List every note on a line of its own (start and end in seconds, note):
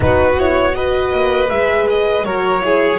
0.00 1.12 B3
0.00 0.36 D#4
0.00 0.75 F#4
0.00 0.39 B4
0.39 0.73 E4
0.39 0.75 C#5
0.73 1.48 F#4
0.73 2.25 B4
0.73 1.49 D#5
1.13 1.50 A#3
1.49 2.24 G#3
1.49 2.24 G#4
1.49 1.87 E5
1.89 2.24 D#5
2.24 2.98 F#3
2.24 2.60 F#4
2.24 2.62 A#4
2.24 2.98 C#5
2.60 2.97 E4
2.60 2.98 G#4